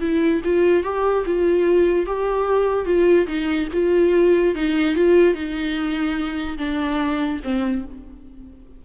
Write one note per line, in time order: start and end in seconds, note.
0.00 0.41 E4
0.44 0.83 F4
0.83 1.24 G4
1.26 2.06 F4
2.06 2.85 G4
2.85 3.26 F4
3.27 3.68 D#4
3.73 4.55 F4
4.55 4.95 D#4
4.95 5.34 F4
5.34 6.57 D#4
6.58 7.40 D4
7.43 7.85 C4